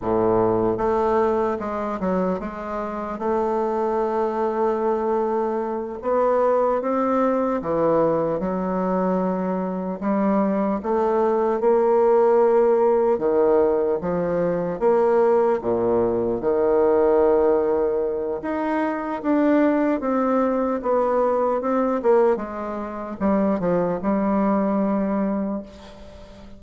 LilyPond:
\new Staff \with { instrumentName = "bassoon" } { \time 4/4 \tempo 4 = 75 a,4 a4 gis8 fis8 gis4 | a2.~ a8 b8~ | b8 c'4 e4 fis4.~ | fis8 g4 a4 ais4.~ |
ais8 dis4 f4 ais4 ais,8~ | ais,8 dis2~ dis8 dis'4 | d'4 c'4 b4 c'8 ais8 | gis4 g8 f8 g2 | }